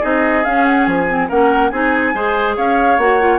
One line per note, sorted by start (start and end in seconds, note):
0.00 0.45 C4
0.00 0.44 D#4
0.00 1.28 G#4
0.00 0.44 D#5
0.44 1.08 C#4
0.44 0.86 C#4
0.44 0.65 F5
0.65 0.86 F#5
0.86 1.29 F3
0.86 1.28 G#5
1.08 1.29 C4
1.28 1.71 A#3
1.28 1.72 C#4
1.28 1.71 A#4
1.28 1.69 F#5
1.69 2.14 C4
1.69 2.14 D#4
1.69 2.14 G#4
1.69 2.55 G#5
2.14 2.57 G#3
2.14 2.99 G#4
2.14 2.56 C5
2.56 2.98 C#4
2.56 3.39 C#5
2.56 2.99 F5
2.98 3.39 A#3
2.98 3.20 F#4
2.98 3.39 F#5
3.20 3.39 F4